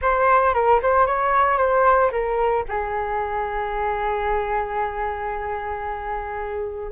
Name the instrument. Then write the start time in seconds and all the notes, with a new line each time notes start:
flute
0.01 C5
0.54 A#4
0.82 C5
1.06 C#5
1.57 C5
2.11 A#4
2.68 G#4